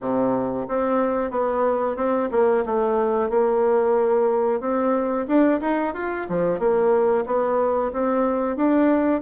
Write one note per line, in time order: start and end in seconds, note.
0.00 0.66 C3
0.67 1.30 C4
1.30 1.96 B3
1.96 2.29 C4
2.31 2.64 A#3
2.65 3.29 A3
3.29 4.60 A#3
4.60 5.26 C4
5.27 5.60 D4
5.60 5.93 D#4
5.93 6.26 F4
6.28 6.59 F3
6.59 7.25 A#3
7.25 7.91 B3
7.92 8.56 C4
8.56 9.21 D4